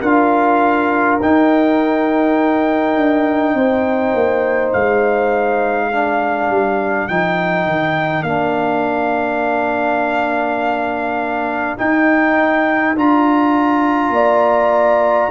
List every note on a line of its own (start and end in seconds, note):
0.00 1.19 D4
0.00 1.19 F4
0.00 3.53 A#4
0.00 1.19 F5
1.21 2.96 D#4
1.21 5.92 D#4
1.21 4.72 G5
2.96 3.54 D4
3.54 4.12 C4
3.54 5.87 C5
4.14 4.73 A#3
4.72 6.49 G#3
4.72 7.07 F5
5.87 7.09 D4
5.87 14.11 A#4
6.49 7.08 G3
7.07 7.66 F3
7.07 8.25 D#4
7.07 8.23 G5
7.66 8.22 D#3
8.22 11.75 A#3
8.22 11.77 D4
8.22 11.75 F5
11.77 12.95 D#4
11.77 12.96 G5
12.95 14.10 D4
12.95 15.30 F4
12.95 15.30 A#5
14.10 15.27 A#3
14.10 15.30 D5